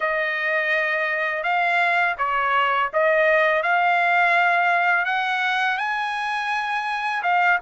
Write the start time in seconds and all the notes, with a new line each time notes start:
0.00 D#5
1.43 F5
2.18 C#5
2.93 D#5
3.62 F5
5.05 F#5
5.77 G#5
7.23 F5